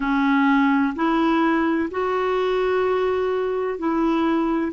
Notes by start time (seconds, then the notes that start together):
0.00 C#4
0.95 E4
1.90 F#4
3.78 E4